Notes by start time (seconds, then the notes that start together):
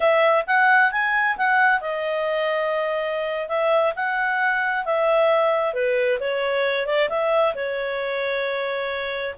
0.00 E5
0.46 F#5
0.91 G#5
1.37 F#5
1.80 D#5
3.48 E5
3.95 F#5
4.85 E5
5.73 B4
6.20 C#5
6.86 D5
7.09 E5
7.55 C#5